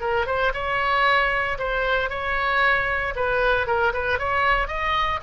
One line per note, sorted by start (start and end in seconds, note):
0.00 0.26 A#4
0.26 0.52 C5
0.53 1.57 C#5
1.58 2.09 C5
2.09 3.14 C#5
3.15 3.66 B4
3.66 3.92 A#4
3.93 4.18 B4
4.18 4.67 C#5
4.67 5.19 D#5